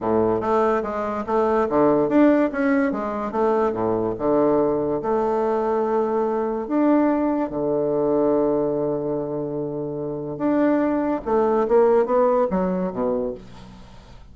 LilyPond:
\new Staff \with { instrumentName = "bassoon" } { \time 4/4 \tempo 4 = 144 a,4 a4 gis4 a4 | d4 d'4 cis'4 gis4 | a4 a,4 d2 | a1 |
d'2 d2~ | d1~ | d4 d'2 a4 | ais4 b4 fis4 b,4 | }